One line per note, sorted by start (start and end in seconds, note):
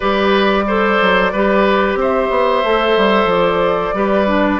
0.00 1.00 G3
0.00 0.66 G4
0.00 0.64 B4
0.00 1.96 D5
0.67 1.33 A4
0.67 1.32 C5
1.01 1.33 F#3
1.32 1.95 G3
1.32 2.65 G4
1.32 1.98 B4
1.95 2.28 C4
1.95 3.95 C5
2.02 3.30 E5
2.30 2.63 B3
2.63 2.96 A3
2.63 3.94 A4
2.96 3.25 G3
3.25 3.91 F3
3.25 4.60 D5
3.93 4.59 G3
3.93 4.26 G4
3.93 4.60 B4
4.26 4.59 D4